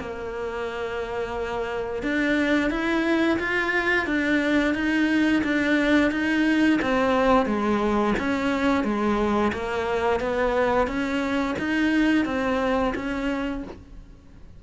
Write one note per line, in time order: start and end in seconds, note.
0.00 2.03 A#3
2.03 2.71 D4
2.71 3.39 E4
3.40 4.07 F4
4.07 4.75 D4
4.75 5.43 D#4
5.44 6.12 D4
6.12 6.80 D#4
6.82 7.46 C4
7.46 8.14 G#3
8.19 8.85 C#4
8.85 9.53 G#3
9.54 10.21 A#3
10.21 10.88 B3
10.88 11.56 C#4
11.59 12.26 D#4
12.26 12.94 C4
12.96 13.64 C#4